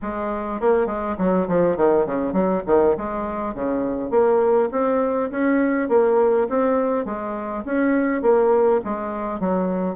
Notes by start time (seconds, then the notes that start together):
0.02 G#3
0.60 A#3
0.86 G#3
1.18 F#3
1.47 F3
1.76 D#3
2.06 C#3
2.33 F#3
2.66 D#3
2.97 G#3
3.54 C#3
4.10 A#3
4.71 C4
5.30 C#4
5.88 A#3
6.49 C4
7.05 G#3
7.65 C#4
8.22 A#3
8.84 G#3
9.40 F#3